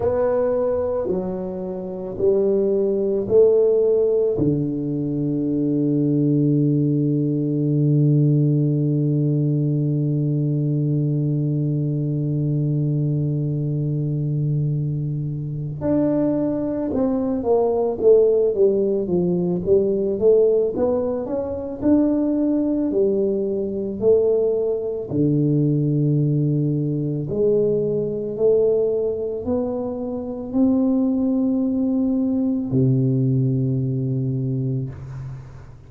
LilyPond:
\new Staff \with { instrumentName = "tuba" } { \time 4/4 \tempo 4 = 55 b4 fis4 g4 a4 | d1~ | d1~ | d2~ d8 d'4 c'8 |
ais8 a8 g8 f8 g8 a8 b8 cis'8 | d'4 g4 a4 d4~ | d4 gis4 a4 b4 | c'2 c2 | }